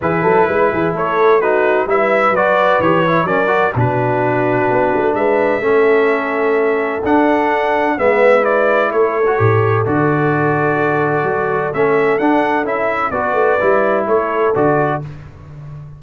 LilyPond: <<
  \new Staff \with { instrumentName = "trumpet" } { \time 4/4 \tempo 4 = 128 b'2 cis''4 b'4 | e''4 d''4 cis''4 d''4 | b'2. e''4~ | e''2. fis''4~ |
fis''4 e''4 d''4 cis''4~ | cis''4 d''2.~ | d''4 e''4 fis''4 e''4 | d''2 cis''4 d''4 | }
  \new Staff \with { instrumentName = "horn" } { \time 4/4 gis'8 a'8 b'8 gis'8 a'4 fis'4 | b'2. ais'4 | fis'2. b'4 | a'1~ |
a'4 b'2 a'4~ | a'1~ | a'1 | b'2 a'2 | }
  \new Staff \with { instrumentName = "trombone" } { \time 4/4 e'2. dis'4 | e'4 fis'4 g'8 e'8 cis'8 fis'8 | d'1 | cis'2. d'4~ |
d'4 b4 e'4.~ e'16 fis'16 | g'4 fis'2.~ | fis'4 cis'4 d'4 e'4 | fis'4 e'2 fis'4 | }
  \new Staff \with { instrumentName = "tuba" } { \time 4/4 e8 fis8 gis8 e8 a2 | g4 fis4 e4 fis4 | b,2 b8 a8 gis4 | a2. d'4~ |
d'4 gis2 a4 | a,4 d2. | fis4 a4 d'4 cis'4 | b8 a8 g4 a4 d4 | }
>>